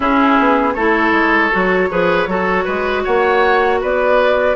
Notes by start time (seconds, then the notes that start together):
0.00 C#4 E4 G#4
0.39 B3
0.73 A3 E4 A4 C#5
1.12 G#3
1.51 F#3 F#4
1.89 F3 G#4 B4
2.26 F#3 F#4 A4
2.64 G#3 B4
3.03 A#3 C#5 F#5
3.81 B3 B4 D5